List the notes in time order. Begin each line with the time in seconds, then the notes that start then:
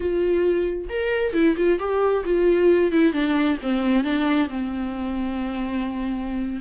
0.00 F4
0.89 A#4
1.33 E4
1.56 F4
1.79 G4
2.24 F4
2.91 E4
3.12 D4
3.62 C4
4.04 D4
4.49 C4